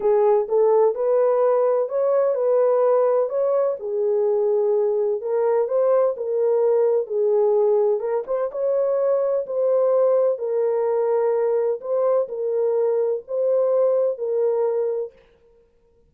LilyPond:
\new Staff \with { instrumentName = "horn" } { \time 4/4 \tempo 4 = 127 gis'4 a'4 b'2 | cis''4 b'2 cis''4 | gis'2. ais'4 | c''4 ais'2 gis'4~ |
gis'4 ais'8 c''8 cis''2 | c''2 ais'2~ | ais'4 c''4 ais'2 | c''2 ais'2 | }